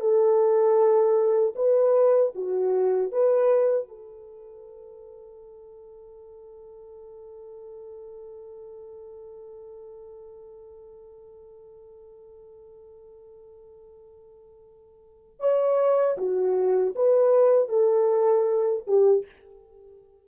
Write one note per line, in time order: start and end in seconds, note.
0.00 1.54 A4
1.55 2.32 B4
2.35 3.12 F#4
3.12 3.88 B4
3.88 15.40 A4
15.40 16.17 C#5
16.17 16.94 F#4
16.95 17.69 B4
17.69 18.84 A4
18.87 19.26 G4